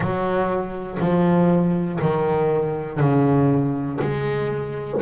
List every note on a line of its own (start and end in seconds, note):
0.00 0.98 F#3
0.99 1.99 F3
2.00 3.00 D#3
3.00 4.00 C#3
4.00 5.00 G#3